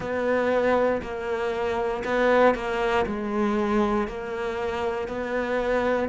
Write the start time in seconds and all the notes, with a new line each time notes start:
0.00 B3
1.02 A#3
2.04 B3
2.54 A#3
3.06 G#3
4.07 A#3
5.08 B3